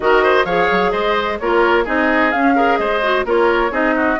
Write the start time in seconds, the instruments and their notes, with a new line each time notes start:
0.00 bassoon D#3, clarinet F#4, oboe A#4, flute D#5
0.23 oboe C5
0.44 bassoon F3, clarinet G#4, oboe C#5, flute F5
0.71 bassoon F#3
0.91 bassoon G#3, oboe C5, flute D#5
1.39 bassoon A#3, clarinet F4, oboe A#4, flute C#5
1.84 bassoon C4, clarinet D#4, oboe G#4, flute D#5
2.31 bassoon C#4, clarinet C#4, flute F5
2.55 clarinet G#4, oboe A#4
2.77 bassoon G#3, oboe C5, flute D#5
3.01 clarinet F#4
3.24 bassoon A#3, clarinet F4, oboe A#4, flute C#5
3.70 bassoon C4, clarinet D#4, oboe G#4, flute D#5
3.96 oboe F#4